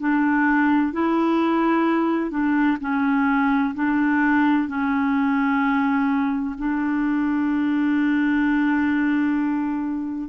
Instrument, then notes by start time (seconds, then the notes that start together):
clarinet
0.00 D4
0.93 E4
2.31 D4
2.81 C#4
3.75 D4
4.68 C#4
6.58 D4